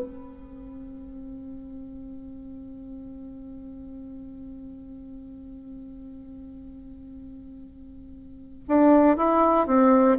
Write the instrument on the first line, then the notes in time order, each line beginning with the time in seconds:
bassoon
0.00 C4
8.68 D4
9.17 E4
9.67 C4